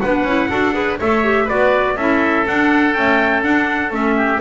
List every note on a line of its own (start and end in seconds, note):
0.00 0.23 B3
0.00 0.27 D4
0.00 0.50 B4
0.00 0.98 F#5
0.23 0.48 C#4
0.23 0.50 E4
0.50 0.99 D4
0.50 0.72 F#4
0.50 0.74 A4
0.72 0.96 G#4
0.72 0.98 B4
0.99 1.49 A3
0.99 1.23 A4
0.99 1.45 C#5
0.99 1.48 E5
1.23 1.48 G4
1.45 1.96 B3
1.45 1.97 F#4
1.45 1.93 B4
1.45 1.97 D5
1.96 2.45 C#4
1.96 2.46 E4
1.96 4.16 A4
1.96 2.46 E5
2.46 2.95 D4
2.46 2.96 D4
2.46 2.93 F#5
2.93 3.43 A3
2.93 3.44 C#4
2.93 3.42 G5
3.43 3.91 D4
3.43 3.90 D4
3.43 3.92 F#5
3.90 4.39 A3
3.90 4.40 C#4
3.90 4.41 E5
4.17 4.41 G4